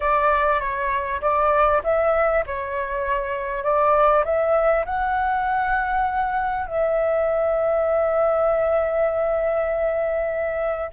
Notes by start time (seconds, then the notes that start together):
0.00 D5
0.60 C#5
1.21 D5
1.83 E5
2.46 C#5
3.63 D5
4.24 E5
4.85 F#5
6.66 E5